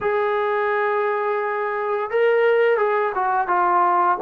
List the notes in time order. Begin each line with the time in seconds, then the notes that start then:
0.01 G#4
2.10 A#4
2.77 G#4
3.15 F#4
3.47 F4